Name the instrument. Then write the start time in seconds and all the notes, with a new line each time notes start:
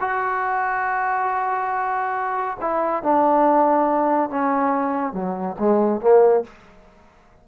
trombone
0.00 F#4
2.61 E4
3.03 D4
4.30 C#4
5.13 F#3
5.59 G#3
6.01 A#3